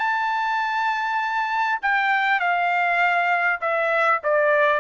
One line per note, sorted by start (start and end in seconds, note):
0.00 1.80 A5
1.82 2.40 G5
2.40 3.60 F5
3.62 4.22 E5
4.24 4.81 D5